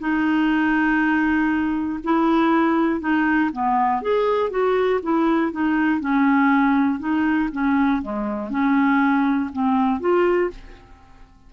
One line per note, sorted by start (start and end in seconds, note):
0.00 2.00 D#4
2.04 3.00 E4
3.00 3.50 D#4
3.52 4.02 B3
4.02 4.50 G#4
4.50 5.00 F#4
5.03 5.52 E4
5.52 6.01 D#4
6.01 7.00 C#4
7.00 7.50 D#4
7.53 8.03 C#4
8.03 8.50 G#3
8.50 9.50 C#4
9.53 10.01 C4
10.01 10.51 F4